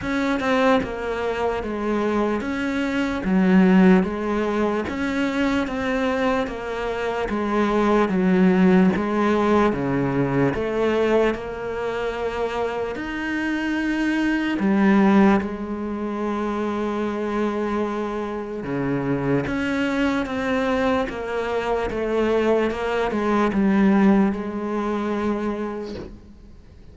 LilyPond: \new Staff \with { instrumentName = "cello" } { \time 4/4 \tempo 4 = 74 cis'8 c'8 ais4 gis4 cis'4 | fis4 gis4 cis'4 c'4 | ais4 gis4 fis4 gis4 | cis4 a4 ais2 |
dis'2 g4 gis4~ | gis2. cis4 | cis'4 c'4 ais4 a4 | ais8 gis8 g4 gis2 | }